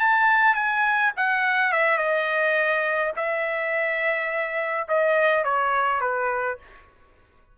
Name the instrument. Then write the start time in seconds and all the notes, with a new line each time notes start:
trumpet
0.00 A5
0.55 G#5
1.17 F#5
1.72 E5
1.98 D#5
3.16 E5
4.88 D#5
5.44 C#5
6.01 B4